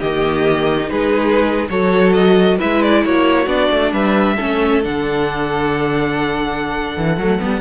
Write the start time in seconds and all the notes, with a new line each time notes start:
0.00 D#3 A#3 G4 D#5
0.78 D#4
0.90 G#3 G#4 B4
1.69 F#3 F#4 A4 C#5
2.13 D#5
2.58 G#3 E4 B4 E5
2.82 D5
3.05 A#3 F#4 C#5
3.47 B3 D4 D5
3.71 A3
3.92 G3 B4 E5
4.36 A3 C#4 A4
4.83 D3 D4 F#5
6.97 E3
7.17 F#3 A3
7.39 G3 B3